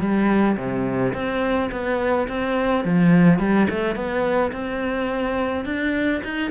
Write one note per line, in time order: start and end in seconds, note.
0.00 0.57 G3
0.57 1.13 C3
1.14 1.70 C4
1.71 2.28 B3
2.28 2.85 C4
2.85 3.39 F3
3.39 3.67 G3
3.70 3.95 A3
3.95 4.52 B3
4.52 5.65 C4
5.65 6.22 D4
6.24 6.51 D#4